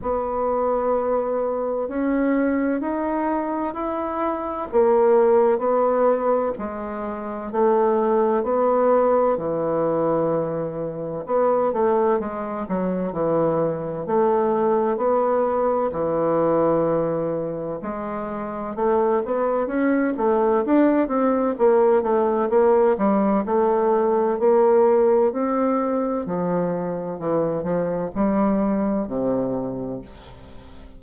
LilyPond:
\new Staff \with { instrumentName = "bassoon" } { \time 4/4 \tempo 4 = 64 b2 cis'4 dis'4 | e'4 ais4 b4 gis4 | a4 b4 e2 | b8 a8 gis8 fis8 e4 a4 |
b4 e2 gis4 | a8 b8 cis'8 a8 d'8 c'8 ais8 a8 | ais8 g8 a4 ais4 c'4 | f4 e8 f8 g4 c4 | }